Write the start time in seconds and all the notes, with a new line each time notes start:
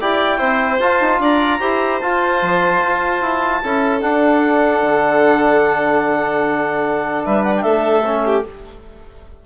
0.00 E4 G4 D5 G5
0.37 C4 E4 C5
0.79 F4 A5
1.00 D#4
1.19 D4 D5 A#5
1.59 E4 G4 C5
2.00 F4 A5
2.41 F3
2.82 F4
3.21 E4
3.63 C#4 E4 A4
4.00 D4 F#5
4.81 D3
7.24 G3 B4 E5
7.43 F#5
7.56 E5 G5
7.63 A3 A4
8.04 C#4
8.25 G4